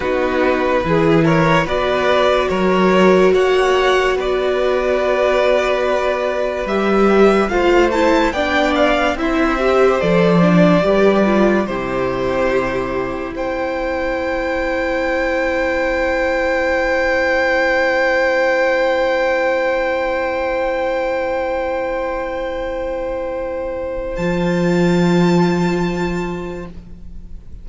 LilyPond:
<<
  \new Staff \with { instrumentName = "violin" } { \time 4/4 \tempo 4 = 72 b'4. cis''8 d''4 cis''4 | fis''4 d''2. | e''4 f''8 a''8 g''8 f''8 e''4 | d''2 c''2 |
g''1~ | g''1~ | g''1~ | g''4 a''2. | }
  \new Staff \with { instrumentName = "violin" } { \time 4/4 fis'4 gis'8 ais'8 b'4 ais'4 | cis''4 b'2.~ | b'4 c''4 d''4 c''4~ | c''4 b'4 g'2 |
c''1~ | c''1~ | c''1~ | c''1 | }
  \new Staff \with { instrumentName = "viola" } { \time 4/4 dis'4 e'4 fis'2~ | fis'1 | g'4 f'8 e'8 d'4 e'8 g'8 | a'8 d'8 g'8 f'8 e'2~ |
e'1~ | e'1~ | e'1~ | e'4 f'2. | }
  \new Staff \with { instrumentName = "cello" } { \time 4/4 b4 e4 b4 fis4 | ais4 b2. | g4 a4 b4 c'4 | f4 g4 c2 |
c'1~ | c'1~ | c'1~ | c'4 f2. | }
>>